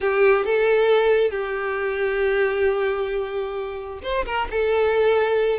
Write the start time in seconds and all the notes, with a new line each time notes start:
0.01 G4
0.45 A4
1.30 G4
4.02 C5
4.25 A#4
4.50 A4